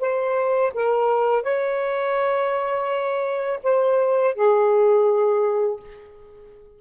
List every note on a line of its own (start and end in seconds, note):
0.00 0.72 C5
0.74 1.43 A#4
1.43 3.60 C#5
3.63 4.35 C5
4.35 5.79 G#4